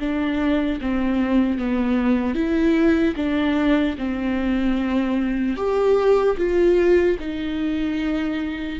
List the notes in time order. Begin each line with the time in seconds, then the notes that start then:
0.00 D4
0.81 C4
1.59 B3
2.35 E4
3.17 D4
3.98 C4
5.57 G4
6.38 F4
7.20 D#4